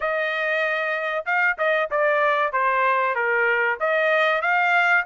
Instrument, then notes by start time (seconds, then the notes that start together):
trumpet
0.00 D#5
1.25 F5
1.58 D#5
1.90 D5
2.52 C5
3.15 A#4
3.80 D#5
4.41 F5